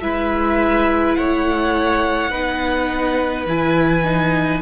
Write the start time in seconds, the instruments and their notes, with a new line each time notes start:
0.00 cello G#3, viola E4, violin B4 E5
1.15 cello A3, violin C#5 F#5
2.30 cello B3, viola D#4, violin B4
3.46 cello E3, viola E4, violin G#5
4.04 viola D#4